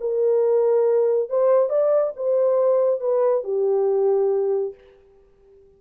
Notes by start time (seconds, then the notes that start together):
0.00 A#4
1.29 C5
1.69 D5
2.16 C5
3.00 B4
3.43 G4